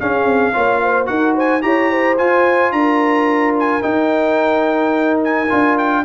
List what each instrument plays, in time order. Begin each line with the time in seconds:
0.00 trombone C#4, tuba C#4, horn G#4, trumpet F5
0.26 tuba C4
0.54 tuba A#3, trombone F4, horn C#5
0.82 horn C5
1.06 tuba D#4, trombone F#4, horn A#4, trumpet F#5
1.35 horn C5, trumpet G#5
1.62 tuba E4, trombone G4, horn C#5, trumpet A#5
1.91 horn C5
2.18 trombone F4, tuba F4, trumpet G#5
2.72 tuba D4, horn A#4, trumpet A#5
3.59 trumpet G#5
3.82 trombone D#4, tuba D#4, trumpet G5
5.24 trumpet G#5
5.50 tuba D4, trombone F4
5.78 trumpet G5